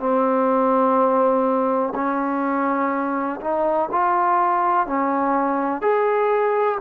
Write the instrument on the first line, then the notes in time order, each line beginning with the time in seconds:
trombone
0.00 C4
1.95 C#4
3.41 D#4
3.91 F4
4.87 C#4
5.82 G#4